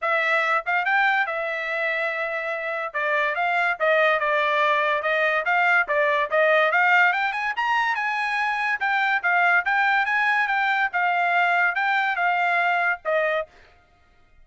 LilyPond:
\new Staff \with { instrumentName = "trumpet" } { \time 4/4 \tempo 4 = 143 e''4. f''8 g''4 e''4~ | e''2. d''4 | f''4 dis''4 d''2 | dis''4 f''4 d''4 dis''4 |
f''4 g''8 gis''8 ais''4 gis''4~ | gis''4 g''4 f''4 g''4 | gis''4 g''4 f''2 | g''4 f''2 dis''4 | }